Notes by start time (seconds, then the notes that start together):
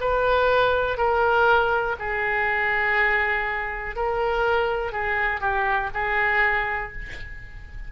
0.00 B4
0.97 A#4
1.99 G#4
3.96 A#4
4.92 G#4
5.41 G4
5.94 G#4